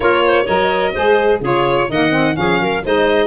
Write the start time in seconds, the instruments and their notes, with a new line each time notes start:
0.00 tuba A#3, saxophone F4, clarinet A#4, violin C#5
0.26 clarinet C5
0.45 tuba F#3, saxophone A#4, clarinet C#5, violin D#5
0.94 tuba G#3, saxophone G#4, clarinet C5
1.40 tuba C#3, saxophone F4, clarinet G#4, violin C#5
1.89 tuba D#3, saxophone A#3, clarinet D#5, violin F#5
2.11 saxophone C4
2.34 tuba F3, saxophone C#4, clarinet G#4, violin F5
2.60 tuba F#3, clarinet A#4
2.84 tuba G#3, saxophone D#4, clarinet C5, violin D#5